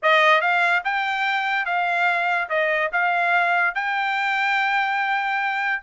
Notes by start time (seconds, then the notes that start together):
0.02 D#5
0.41 F5
0.84 G5
1.65 F5
2.49 D#5
2.92 F5
3.75 G5